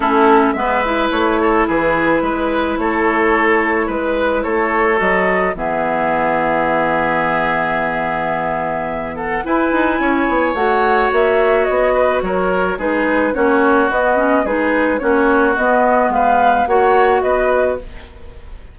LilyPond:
<<
  \new Staff \with { instrumentName = "flute" } { \time 4/4 \tempo 4 = 108 a'4 e''4 cis''4 b'4~ | b'4 cis''2 b'4 | cis''4 dis''4 e''2~ | e''1~ |
e''8 fis''8 gis''2 fis''4 | e''4 dis''4 cis''4 b'4 | cis''4 dis''4 b'4 cis''4 | dis''4 f''4 fis''4 dis''4 | }
  \new Staff \with { instrumentName = "oboe" } { \time 4/4 e'4 b'4. a'8 gis'4 | b'4 a'2 b'4 | a'2 gis'2~ | gis'1~ |
gis'8 a'8 b'4 cis''2~ | cis''4. b'8 ais'4 gis'4 | fis'2 gis'4 fis'4~ | fis'4 b'4 cis''4 b'4 | }
  \new Staff \with { instrumentName = "clarinet" } { \time 4/4 cis'4 b8 e'2~ e'8~ | e'1~ | e'4 fis'4 b2~ | b1~ |
b4 e'2 fis'4~ | fis'2. dis'4 | cis'4 b8 cis'8 dis'4 cis'4 | b2 fis'2 | }
  \new Staff \with { instrumentName = "bassoon" } { \time 4/4 a4 gis4 a4 e4 | gis4 a2 gis4 | a4 fis4 e2~ | e1~ |
e4 e'8 dis'8 cis'8 b8 a4 | ais4 b4 fis4 gis4 | ais4 b4 gis4 ais4 | b4 gis4 ais4 b4 | }
>>